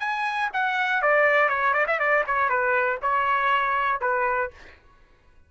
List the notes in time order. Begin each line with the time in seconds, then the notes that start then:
0.00 G#5
0.53 F#5
1.02 D5
1.49 C#5
1.74 D5
1.88 E5
1.99 D5
2.27 C#5
2.49 B4
3.02 C#5
4.01 B4